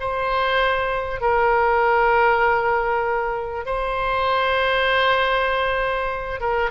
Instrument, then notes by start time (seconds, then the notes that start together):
oboe
0.00 C5
1.21 A#4
3.66 C5
6.41 A#4